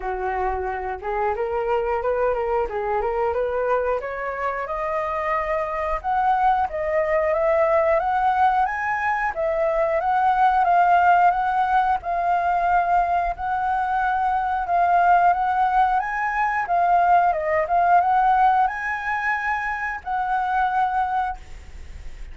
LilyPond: \new Staff \with { instrumentName = "flute" } { \time 4/4 \tempo 4 = 90 fis'4. gis'8 ais'4 b'8 ais'8 | gis'8 ais'8 b'4 cis''4 dis''4~ | dis''4 fis''4 dis''4 e''4 | fis''4 gis''4 e''4 fis''4 |
f''4 fis''4 f''2 | fis''2 f''4 fis''4 | gis''4 f''4 dis''8 f''8 fis''4 | gis''2 fis''2 | }